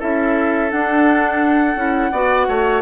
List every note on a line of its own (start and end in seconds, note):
0.00 0.72 C#4
0.00 0.71 E4
0.00 2.12 A4
0.00 0.71 E5
0.71 1.76 D4
0.71 2.82 F#5
1.76 2.11 C#4
1.76 2.12 E4
2.12 2.48 B3
2.12 2.82 F#4
2.12 2.48 D5
2.49 2.82 A3
2.49 2.82 C#5